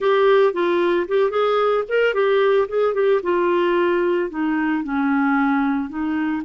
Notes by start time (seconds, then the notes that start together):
0.00 G4
0.53 F4
1.08 G4
1.30 G#4
1.88 A#4
2.14 G4
2.68 G#4
2.93 G4
3.22 F4
4.30 D#4
4.83 C#4
5.89 D#4